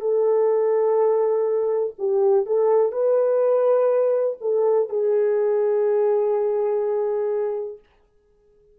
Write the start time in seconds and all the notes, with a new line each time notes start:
0.00 A4
1.98 G4
2.45 A4
2.92 B4
4.40 A4
4.89 G#4